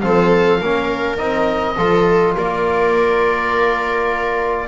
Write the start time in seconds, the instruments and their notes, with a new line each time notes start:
0.00 double bass F3, trombone C4, viola A4, oboe F5
0.60 double bass A#3, trombone C#4, viola A#4
1.17 double bass C4, trombone D#4, oboe D#5
1.77 double bass F3, trombone F4, viola A4
2.36 double bass A#3, viola A#4, oboe D5